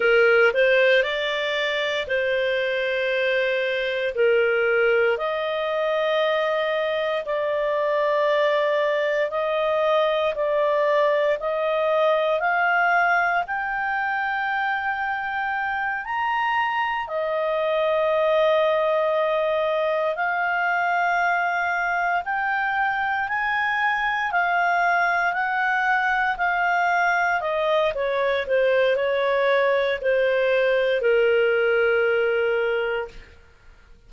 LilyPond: \new Staff \with { instrumentName = "clarinet" } { \time 4/4 \tempo 4 = 58 ais'8 c''8 d''4 c''2 | ais'4 dis''2 d''4~ | d''4 dis''4 d''4 dis''4 | f''4 g''2~ g''8 ais''8~ |
ais''8 dis''2. f''8~ | f''4. g''4 gis''4 f''8~ | f''8 fis''4 f''4 dis''8 cis''8 c''8 | cis''4 c''4 ais'2 | }